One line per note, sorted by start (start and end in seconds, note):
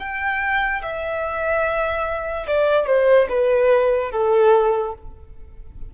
0.00 0.82 G5
0.83 2.47 E5
2.47 2.87 D5
2.87 3.28 C5
3.30 4.12 B4
4.12 4.94 A4